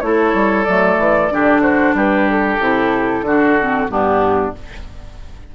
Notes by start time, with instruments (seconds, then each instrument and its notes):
0.00 bassoon A3, clarinet E4, flute C#5
0.06 oboe A4
0.34 bassoon G3
0.64 bassoon F#3, clarinet A3, flute D5
0.98 bassoon E3
1.31 bassoon D3, clarinet D4, oboe G4
1.62 oboe F#4, flute C5
1.94 bassoon G3, oboe G4, flute B4
2.30 flute A4
2.60 bassoon C3, clarinet E4
3.22 bassoon D3, clarinet D4, oboe F#4
3.60 clarinet C4
3.89 bassoon G2, clarinet B3, oboe D4, flute G4